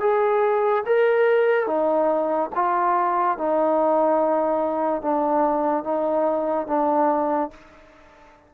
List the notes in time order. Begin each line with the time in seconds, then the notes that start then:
0.00 G#4
0.86 A#4
1.66 D#4
2.55 F4
3.37 D#4
5.02 D4
5.84 D#4
6.67 D4